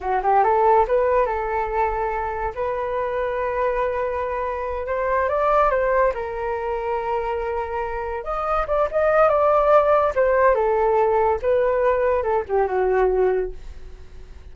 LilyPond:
\new Staff \with { instrumentName = "flute" } { \time 4/4 \tempo 4 = 142 fis'8 g'8 a'4 b'4 a'4~ | a'2 b'2~ | b'2.~ b'8 c''8~ | c''8 d''4 c''4 ais'4.~ |
ais'2.~ ais'8 dis''8~ | dis''8 d''8 dis''4 d''2 | c''4 a'2 b'4~ | b'4 a'8 g'8 fis'2 | }